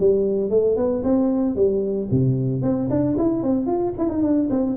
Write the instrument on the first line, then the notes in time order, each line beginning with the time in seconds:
tuba
0.00 G3
0.50 A3
0.77 B3
1.04 C4
1.56 G3
2.11 C3
2.62 C4
2.90 D4
3.18 E4
3.43 C4
3.67 F4
3.98 E4
4.09 D#4
4.23 D4
4.50 C4